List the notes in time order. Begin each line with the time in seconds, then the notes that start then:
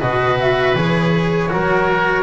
0.00 B2 F#4 B4 D#5
0.40 E5
0.75 E3 G#4 C#5
1.49 F#3 F#4 A#4